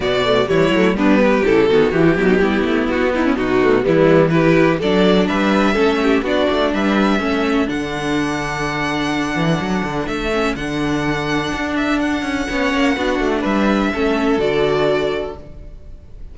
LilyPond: <<
  \new Staff \with { instrumentName = "violin" } { \time 4/4 \tempo 4 = 125 d''4 cis''4 b'4 a'4 | g'2 fis'8 e'8 fis'4 | e'4 b'4 d''4 e''4~ | e''4 d''4 e''2 |
fis''1~ | fis''4 e''4 fis''2~ | fis''8 e''8 fis''2. | e''2 d''2 | }
  \new Staff \with { instrumentName = "violin" } { \time 4/4 fis'4 e'4 d'8 g'4 fis'8~ | fis'8 e'16 dis'16 e'4. dis'16 cis'16 dis'4 | b4 g'4 a'4 b'4 | a'8 g'8 fis'4 b'4 a'4~ |
a'1~ | a'1~ | a'2 cis''4 fis'4 | b'4 a'2. | }
  \new Staff \with { instrumentName = "viola" } { \time 4/4 b8 a8 g8 a8 b4 e'8 b8 | e8 b,8 b2~ b8 a8 | g4 e'4 d'2 | cis'4 d'2 cis'4 |
d'1~ | d'4. cis'8 d'2~ | d'2 cis'4 d'4~ | d'4 cis'4 fis'2 | }
  \new Staff \with { instrumentName = "cello" } { \time 4/4 b,4 e8 fis8 g4 cis8 dis8 | e8 fis8 g8 a8 b4 b,4 | e2 fis4 g4 | a4 b8 a8 g4 a4 |
d2.~ d8 e8 | fis8 d8 a4 d2 | d'4. cis'8 b8 ais8 b8 a8 | g4 a4 d2 | }
>>